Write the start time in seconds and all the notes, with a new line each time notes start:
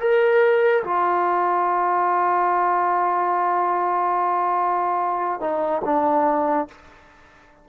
0.00 A#4
0.84 F4
5.41 D#4
5.84 D4